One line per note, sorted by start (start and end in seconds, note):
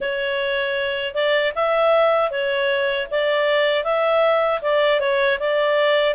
0.00 1.14 C#5
1.14 1.52 D5
1.55 2.30 E5
2.30 3.07 C#5
3.10 3.84 D5
3.84 4.60 E5
4.61 5.00 D5
5.00 5.38 C#5
5.39 6.14 D5